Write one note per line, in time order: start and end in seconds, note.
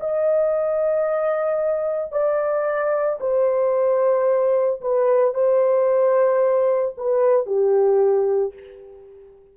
0.00 2.12 D#5
2.12 3.19 D5
3.20 4.81 C5
4.81 5.35 B4
5.35 6.95 C5
6.98 7.47 B4
7.47 8.54 G4